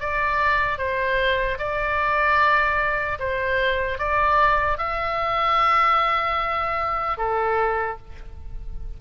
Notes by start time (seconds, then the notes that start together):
0.00 D5
0.78 C5
1.58 D5
3.19 C5
3.98 D5
4.78 E5
7.17 A4